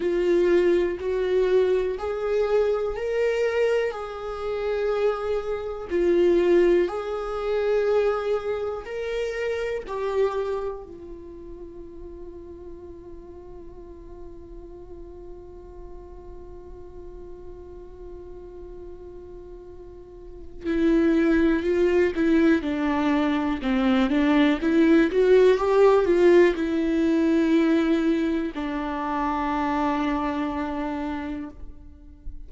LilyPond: \new Staff \with { instrumentName = "viola" } { \time 4/4 \tempo 4 = 61 f'4 fis'4 gis'4 ais'4 | gis'2 f'4 gis'4~ | gis'4 ais'4 g'4 f'4~ | f'1~ |
f'1~ | f'4 e'4 f'8 e'8 d'4 | c'8 d'8 e'8 fis'8 g'8 f'8 e'4~ | e'4 d'2. | }